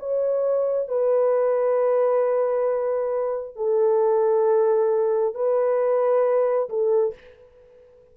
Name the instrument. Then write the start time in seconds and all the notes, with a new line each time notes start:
horn
0.00 C#5
0.89 B4
3.57 A4
5.35 B4
6.70 A4